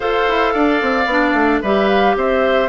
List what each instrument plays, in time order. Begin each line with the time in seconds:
0.00 bassoon F4, clarinet A4, oboe C5, flute F5
0.28 bassoon E4
0.53 bassoon D4, oboe D5
0.81 bassoon C4
1.06 bassoon B3, clarinet D4
1.33 bassoon A3
1.61 bassoon G3, clarinet G4, oboe B4, flute E5
1.88 flute F5
2.15 bassoon C4, oboe C5, flute E5